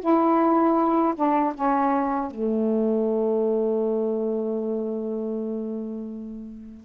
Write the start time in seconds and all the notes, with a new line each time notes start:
0.00 E4
1.15 D4
1.55 C#4
2.31 A3